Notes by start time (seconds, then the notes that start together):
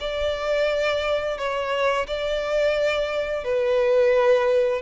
0.00 D5
1.37 C#5
2.07 D5
3.44 B4